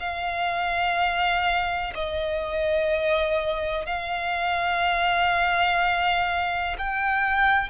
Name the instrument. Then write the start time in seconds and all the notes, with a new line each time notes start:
violin
0.00 F5
1.95 D#5
3.86 F5
6.79 G5